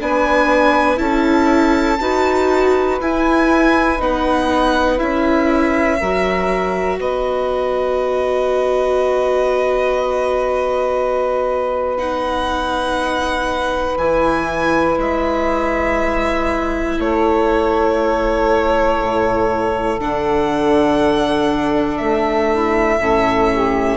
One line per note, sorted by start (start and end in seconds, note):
0.00 0.99 B3
0.00 0.97 D4
0.00 0.99 B4
0.00 0.99 G#5
0.97 1.99 C#4
0.97 1.97 E4
0.97 1.99 A4
0.97 2.99 A5
2.00 3.00 D#4
2.00 3.00 F#4
2.00 5.99 B4
3.00 4.00 E4
3.00 3.99 E4
3.00 4.01 G#5
3.99 5.00 B3
3.99 4.98 D#4
3.99 4.99 F#5
4.98 6.01 C#4
4.98 5.98 E4
4.98 6.99 E5
5.99 6.98 F#3
5.99 11.97 F#4
5.99 6.99 A#4
6.98 13.97 B3
6.98 16.99 B4
6.98 11.97 D#5
11.97 13.97 D#4
11.97 13.97 F#5
13.97 14.97 E3
13.97 19.99 E4
13.97 14.98 G#5
14.98 16.98 G#3
14.98 17.00 E5
16.99 18.99 A3
16.99 22.50 A4
16.99 20.00 C#5
19.00 20.00 A2
19.99 22.00 D3
19.99 22.99 D4
19.99 21.97 F#5
21.97 22.98 A3
21.97 23.97 E5
22.50 23.00 E4
22.98 23.97 A2
22.98 23.97 C#4
22.98 23.52 A4
23.52 23.97 G4